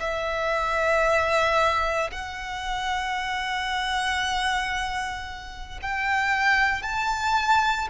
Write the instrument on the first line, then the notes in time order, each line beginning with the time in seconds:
violin
0.00 E5
2.11 F#5
5.82 G5
6.82 A5